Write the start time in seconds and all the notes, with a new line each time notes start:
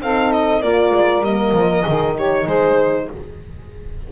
0.00 C4 D#4 A4 F5
0.32 D#5
0.61 A#3 F4 A#4 D5
0.91 G#3
1.21 G3 A#3 D#5
1.52 F3
1.86 D#3 D#4 G#4
2.15 G4 C#5
2.45 G#3 G#4 C5